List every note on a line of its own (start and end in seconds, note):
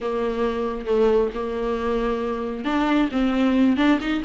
0.00 0.86 A#3
0.86 1.30 A3
1.33 2.64 A#3
2.64 3.09 D4
3.11 3.76 C4
3.76 3.99 D4
4.00 4.22 D#4